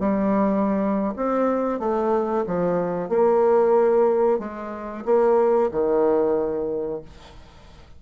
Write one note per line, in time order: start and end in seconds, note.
0.00 1.14 G3
1.17 1.79 C4
1.79 2.45 A3
2.47 3.09 F3
3.09 4.39 A#3
4.39 5.04 G#3
5.05 5.70 A#3
5.72 7.02 D#3